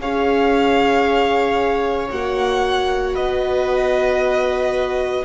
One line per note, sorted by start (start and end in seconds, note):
0.00 2.11 C#4
0.00 2.11 G#4
0.00 3.14 C#5
0.00 2.11 F5
2.11 3.16 A#3
2.11 5.25 F#4
2.11 3.16 F#5
3.14 5.25 B3
3.14 5.25 B4
3.14 5.25 D#5